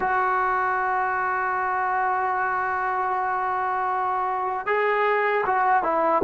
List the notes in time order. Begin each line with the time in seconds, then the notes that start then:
0.00 F#4
4.66 G#4
5.45 F#4
5.83 E4